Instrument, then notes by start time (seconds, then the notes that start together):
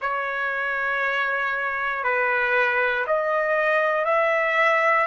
trumpet
0.00 C#5
2.03 B4
3.06 D#5
4.04 E5